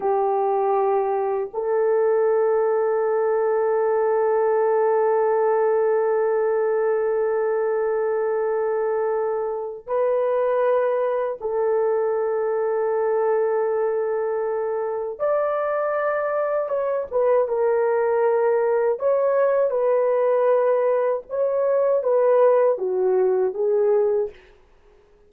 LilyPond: \new Staff \with { instrumentName = "horn" } { \time 4/4 \tempo 4 = 79 g'2 a'2~ | a'1~ | a'1~ | a'4 b'2 a'4~ |
a'1 | d''2 cis''8 b'8 ais'4~ | ais'4 cis''4 b'2 | cis''4 b'4 fis'4 gis'4 | }